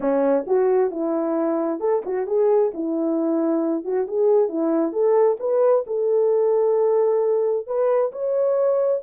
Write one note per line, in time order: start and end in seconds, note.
0.00 0.45 C#4
0.47 0.90 F#4
0.90 1.79 E4
1.79 2.02 A4
2.05 2.27 F#4
2.27 2.72 G#4
2.74 3.84 E4
3.84 4.06 F#4
4.07 4.48 G#4
4.48 4.92 E4
4.92 5.37 A4
5.39 5.84 B4
5.86 7.66 A4
7.66 8.11 B4
8.12 9.02 C#5